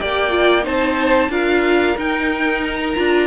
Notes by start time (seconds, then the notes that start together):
0.00 A#3 G4 D5 G5
0.30 F4
0.63 C4 D#4 C5 A5
1.30 D4 F4 A#4 F5
1.98 D#4 G5
2.65 A#5
2.96 D4 F4